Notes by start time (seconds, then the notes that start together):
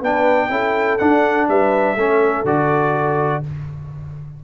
0.00 B3 D4 B4 G5
0.50 C#4 E4 A4
0.98 D4 F#5
1.48 G3 B4 E5
1.95 A3 C#4 A4
2.44 D3 F#4 D5